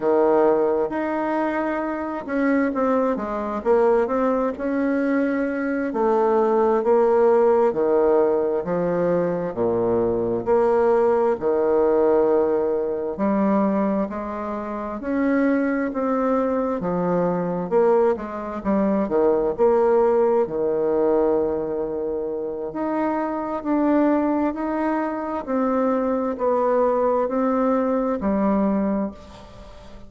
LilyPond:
\new Staff \with { instrumentName = "bassoon" } { \time 4/4 \tempo 4 = 66 dis4 dis'4. cis'8 c'8 gis8 | ais8 c'8 cis'4. a4 ais8~ | ais8 dis4 f4 ais,4 ais8~ | ais8 dis2 g4 gis8~ |
gis8 cis'4 c'4 f4 ais8 | gis8 g8 dis8 ais4 dis4.~ | dis4 dis'4 d'4 dis'4 | c'4 b4 c'4 g4 | }